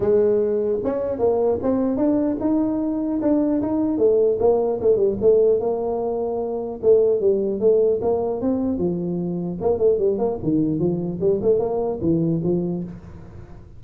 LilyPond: \new Staff \with { instrumentName = "tuba" } { \time 4/4 \tempo 4 = 150 gis2 cis'4 ais4 | c'4 d'4 dis'2 | d'4 dis'4 a4 ais4 | a8 g8 a4 ais2~ |
ais4 a4 g4 a4 | ais4 c'4 f2 | ais8 a8 g8 ais8 dis4 f4 | g8 a8 ais4 e4 f4 | }